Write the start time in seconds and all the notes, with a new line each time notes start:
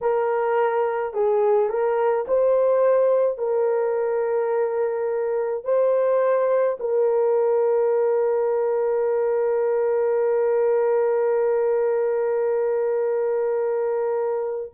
0.01 A#4
1.13 G#4
1.69 A#4
2.27 C5
3.38 A#4
5.64 C5
6.79 A#4